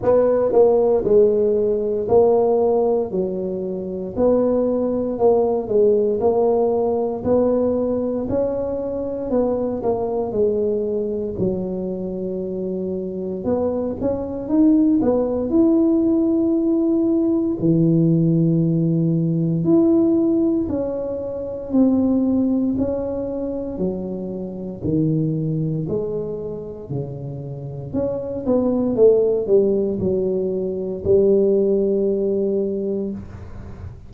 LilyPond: \new Staff \with { instrumentName = "tuba" } { \time 4/4 \tempo 4 = 58 b8 ais8 gis4 ais4 fis4 | b4 ais8 gis8 ais4 b4 | cis'4 b8 ais8 gis4 fis4~ | fis4 b8 cis'8 dis'8 b8 e'4~ |
e'4 e2 e'4 | cis'4 c'4 cis'4 fis4 | dis4 gis4 cis4 cis'8 b8 | a8 g8 fis4 g2 | }